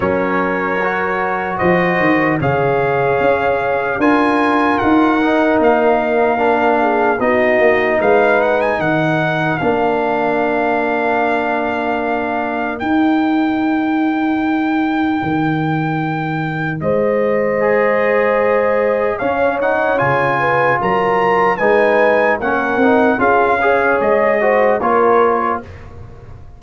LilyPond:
<<
  \new Staff \with { instrumentName = "trumpet" } { \time 4/4 \tempo 4 = 75 cis''2 dis''4 f''4~ | f''4 gis''4 fis''4 f''4~ | f''4 dis''4 f''8 fis''16 gis''16 fis''4 | f''1 |
g''1~ | g''4 dis''2. | f''8 fis''8 gis''4 ais''4 gis''4 | fis''4 f''4 dis''4 cis''4 | }
  \new Staff \with { instrumentName = "horn" } { \time 4/4 ais'2 c''4 cis''4~ | cis''4 ais'2.~ | ais'8 gis'8 fis'4 b'4 ais'4~ | ais'1~ |
ais'1~ | ais'4 c''2. | cis''4. b'8 ais'4 b'4 | ais'4 gis'8 cis''4 c''8 ais'4 | }
  \new Staff \with { instrumentName = "trombone" } { \time 4/4 cis'4 fis'2 gis'4~ | gis'4 f'4. dis'4. | d'4 dis'2. | d'1 |
dis'1~ | dis'2 gis'2 | cis'8 dis'8 f'2 dis'4 | cis'8 dis'8 f'8 gis'4 fis'8 f'4 | }
  \new Staff \with { instrumentName = "tuba" } { \time 4/4 fis2 f8 dis8 cis4 | cis'4 d'4 dis'4 ais4~ | ais4 b8 ais8 gis4 dis4 | ais1 |
dis'2. dis4~ | dis4 gis2. | cis'4 cis4 fis4 gis4 | ais8 c'8 cis'4 gis4 ais4 | }
>>